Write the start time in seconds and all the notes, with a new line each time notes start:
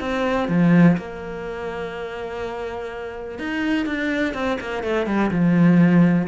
0.00 C4
0.48 F3
0.97 A#3
3.39 D#4
3.86 D4
4.34 C4
4.61 A#3
4.83 A3
5.07 G3
5.31 F3